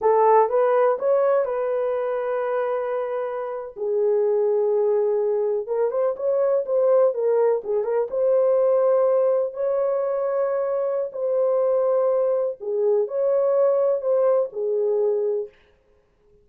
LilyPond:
\new Staff \with { instrumentName = "horn" } { \time 4/4 \tempo 4 = 124 a'4 b'4 cis''4 b'4~ | b'2.~ b'8. gis'16~ | gis'2.~ gis'8. ais'16~ | ais'16 c''8 cis''4 c''4 ais'4 gis'16~ |
gis'16 ais'8 c''2. cis''16~ | cis''2. c''4~ | c''2 gis'4 cis''4~ | cis''4 c''4 gis'2 | }